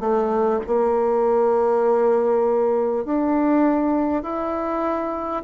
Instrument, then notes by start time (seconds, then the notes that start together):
bassoon
0.00 A3
0.67 A#3
3.04 D4
4.23 E4